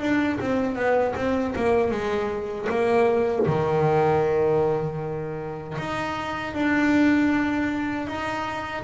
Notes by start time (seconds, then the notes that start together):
0.00 D4
0.40 C4
0.75 B3
1.15 C4
1.55 A#3
1.91 G#3
2.69 A#3
3.46 D#3
5.78 D#4
6.53 D4
8.07 D#4